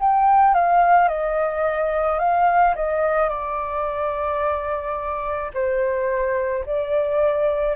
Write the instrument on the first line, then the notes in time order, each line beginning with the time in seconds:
flute
0.00 G5
0.55 F5
1.09 D#5
2.19 F5
2.76 D#5
3.29 D5
5.54 C5
6.66 D5